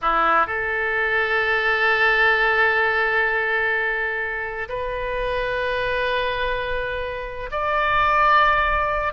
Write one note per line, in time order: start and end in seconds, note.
0.01 0.46 E4
0.46 4.68 A4
4.68 7.50 B4
7.51 9.13 D5